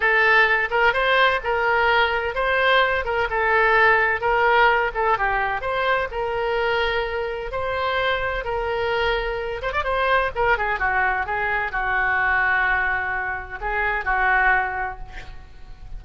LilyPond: \new Staff \with { instrumentName = "oboe" } { \time 4/4 \tempo 4 = 128 a'4. ais'8 c''4 ais'4~ | ais'4 c''4. ais'8 a'4~ | a'4 ais'4. a'8 g'4 | c''4 ais'2. |
c''2 ais'2~ | ais'8 c''16 d''16 c''4 ais'8 gis'8 fis'4 | gis'4 fis'2.~ | fis'4 gis'4 fis'2 | }